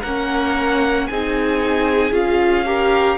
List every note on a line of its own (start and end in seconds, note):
0.00 1.09 A#3
0.00 1.11 C#4
0.00 1.05 A#4
0.00 1.07 F#5
1.07 2.12 C4
1.07 2.13 D#4
1.07 2.66 G#4
1.07 2.12 G#5
2.12 3.17 C#4
2.12 2.65 F4
2.12 3.18 F5
2.66 3.18 G4
2.66 3.18 A#4